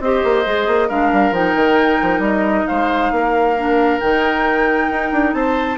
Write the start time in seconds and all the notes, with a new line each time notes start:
0.00 C4 G4 C5 D#5
0.24 A#3
0.45 G#3 G#4
0.67 A#3
0.88 G#3 D4 A#4 F5
1.12 G3
1.31 F3 D#4 G5
1.55 D#3
2.02 F3
2.19 G3 D#5
2.67 G#3 C5 F5
3.11 A#3 A#4
3.57 D4
4.00 D#3 D#4 G5
4.90 D#4
5.12 D4
5.33 C4 C5 A5